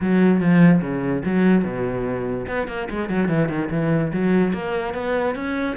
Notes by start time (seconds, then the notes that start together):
0.00 F#3
0.40 F3
0.81 C#3
1.25 F#3
1.64 B2
2.47 B3
2.67 A#3
2.90 G#3
3.09 F#3
3.28 E3
3.48 D#3
3.70 E3
4.12 F#3
4.53 A#3
4.94 B3
5.35 C#4